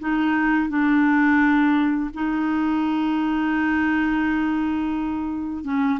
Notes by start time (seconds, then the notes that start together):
0.00 D#4
0.69 D4
2.14 D#4
5.64 C#4